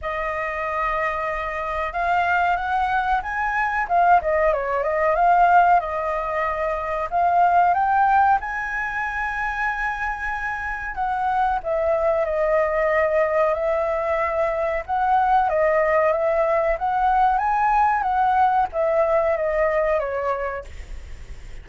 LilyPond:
\new Staff \with { instrumentName = "flute" } { \time 4/4 \tempo 4 = 93 dis''2. f''4 | fis''4 gis''4 f''8 dis''8 cis''8 dis''8 | f''4 dis''2 f''4 | g''4 gis''2.~ |
gis''4 fis''4 e''4 dis''4~ | dis''4 e''2 fis''4 | dis''4 e''4 fis''4 gis''4 | fis''4 e''4 dis''4 cis''4 | }